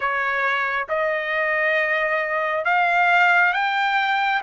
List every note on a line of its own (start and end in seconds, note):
0.00 0.87 C#5
0.88 2.65 D#5
2.65 3.53 F5
3.53 4.41 G5